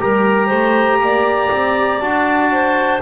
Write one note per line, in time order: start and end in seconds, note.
0.00 0.51 G3
0.00 2.00 G4
0.00 0.47 A#4
0.00 2.00 A#5
0.47 1.01 A3
0.47 0.97 C5
1.01 1.51 A#3
1.01 2.52 D5
1.51 2.01 C4
2.00 3.01 D4
2.00 3.01 F#4
2.00 3.00 A5
2.52 3.02 C5